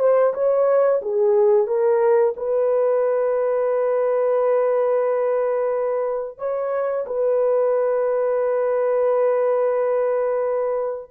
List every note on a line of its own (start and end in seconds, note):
0.00 0.34 C5
0.34 1.01 C#5
1.02 1.67 G#4
1.67 2.35 A#4
2.37 6.39 B4
6.39 7.06 C#5
7.07 11.11 B4